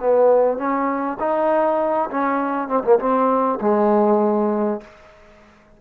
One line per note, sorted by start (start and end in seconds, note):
0.00 0.58 B3
0.58 1.18 C#4
1.20 2.10 D#4
2.11 2.68 C#4
2.68 2.83 C4
2.84 2.99 A#3
3.00 3.60 C4
3.61 4.81 G#3